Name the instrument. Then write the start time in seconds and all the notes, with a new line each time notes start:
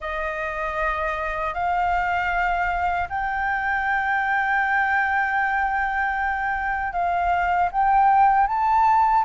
flute
0.00 D#5
1.54 F5
3.09 G5
6.92 F5
7.71 G5
8.47 A5